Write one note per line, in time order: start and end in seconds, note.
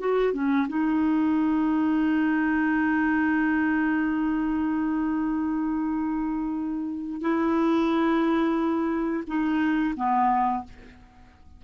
0.00 0.34 F#4
0.34 0.67 C#4
0.69 7.22 D#4
7.22 9.24 E4
9.28 9.95 D#4
9.97 10.64 B3